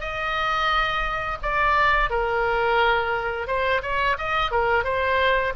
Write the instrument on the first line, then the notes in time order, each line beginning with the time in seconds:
oboe
0.00 D#5
1.42 D5
2.10 A#4
3.47 C5
3.82 C#5
4.18 D#5
4.51 A#4
4.84 C5